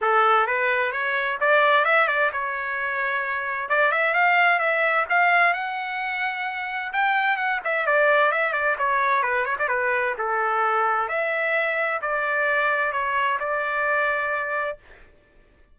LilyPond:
\new Staff \with { instrumentName = "trumpet" } { \time 4/4 \tempo 4 = 130 a'4 b'4 cis''4 d''4 | e''8 d''8 cis''2. | d''8 e''8 f''4 e''4 f''4 | fis''2. g''4 |
fis''8 e''8 d''4 e''8 d''8 cis''4 | b'8 cis''16 d''16 b'4 a'2 | e''2 d''2 | cis''4 d''2. | }